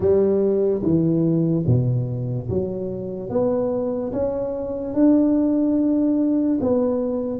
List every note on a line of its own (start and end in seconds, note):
0.00 0.82 G3
0.82 1.64 E3
1.66 2.48 B2
2.49 3.29 F#3
3.29 4.11 B3
4.12 4.94 C#4
4.94 6.58 D4
6.60 7.39 B3